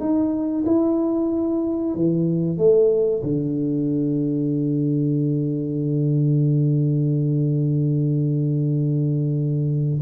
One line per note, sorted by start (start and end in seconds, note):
0.00 0.65 D#4
0.66 1.95 E4
1.95 2.58 E3
2.58 3.22 A3
3.23 10.01 D3